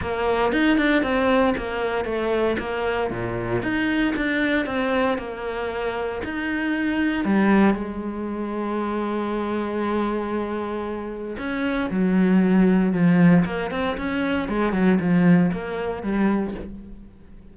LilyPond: \new Staff \with { instrumentName = "cello" } { \time 4/4 \tempo 4 = 116 ais4 dis'8 d'8 c'4 ais4 | a4 ais4 ais,4 dis'4 | d'4 c'4 ais2 | dis'2 g4 gis4~ |
gis1~ | gis2 cis'4 fis4~ | fis4 f4 ais8 c'8 cis'4 | gis8 fis8 f4 ais4 g4 | }